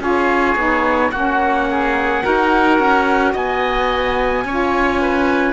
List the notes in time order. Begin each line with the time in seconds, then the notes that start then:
0.00 C#4 F4 G#4 C#5
0.56 B3 D#4
1.11 A#3 C#4 F#4 F#5
1.71 G#4
2.23 D#4 F#4 A#4
2.79 C#4
3.33 B3 D#5 G#5
4.45 C#4 F4 C#5
5.02 B4